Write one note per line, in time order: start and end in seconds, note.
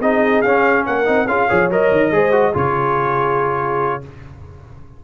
0.00 0.43 C4
0.00 0.45 D#4
0.00 0.85 G#4
0.00 0.42 D#5
0.42 0.86 C#4
0.42 1.05 C#4
0.42 0.84 F5
0.86 1.08 A#3
0.86 1.28 A#4
0.86 1.27 F#5
1.05 1.27 C4
1.05 1.26 D#4
1.27 1.48 C#4
1.27 1.50 F4
1.27 1.48 G#4
1.27 1.70 F5
1.48 1.70 F3
1.48 1.71 G#4
1.48 2.12 C#5
1.70 1.91 F#3
1.70 2.13 A#4
1.70 2.56 D#5
1.91 2.12 D#3
2.12 2.54 G#3
2.12 2.32 G#4
2.12 2.54 C5
2.32 2.53 F#4
2.54 4.03 C#3
2.54 4.02 F4
2.54 4.02 G#4
2.54 4.04 C#5